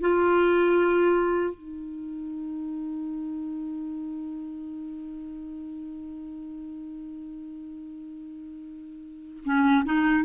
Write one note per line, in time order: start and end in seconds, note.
0.00 1.54 F4
1.54 9.44 D#4
9.45 9.85 C#4
9.85 10.25 D#4